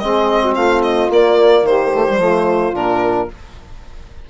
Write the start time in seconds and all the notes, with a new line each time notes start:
0.00 G#3 C4 G#4 D#5
0.43 F#4
0.54 A3 F4 F5
0.83 D#5
1.10 A#3 D5
1.63 D#3 G4 C5
1.94 A3
2.08 G3
2.17 F3 A3 F4
2.74 A#2 D4 A#4